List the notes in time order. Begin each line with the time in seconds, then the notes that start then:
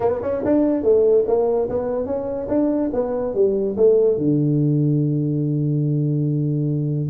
0.00 B3
0.22 C#4
0.44 D4
0.83 A3
1.27 A#3
1.69 B3
2.06 C#4
2.48 D4
2.93 B3
3.34 G3
3.76 A3
4.17 D3